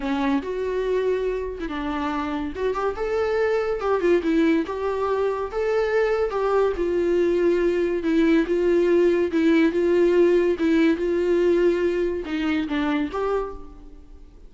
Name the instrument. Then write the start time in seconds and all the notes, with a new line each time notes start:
viola
0.00 C#4
0.42 F#4
1.60 E4
1.68 D4
2.55 F#4
2.73 G4
2.96 A4
3.80 G4
4.00 F4
4.23 E4
4.66 G4
5.51 A4
6.30 G4
6.76 F4
8.03 E4
8.46 F4
9.31 E4
9.72 F4
10.58 E4
10.96 F4
12.25 D#4
12.67 D4
13.11 G4